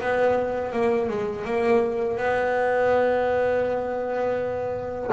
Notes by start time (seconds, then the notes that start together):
0.00 B3
0.72 A#3
1.08 G#3
1.45 A#3
2.17 B3